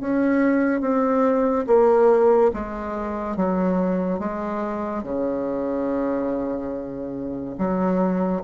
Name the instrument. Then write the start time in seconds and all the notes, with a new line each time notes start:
bassoon
0.00 C#4
0.81 C4
1.67 A#3
2.54 G#3
3.36 F#3
4.19 G#3
5.03 C#3
7.58 F#3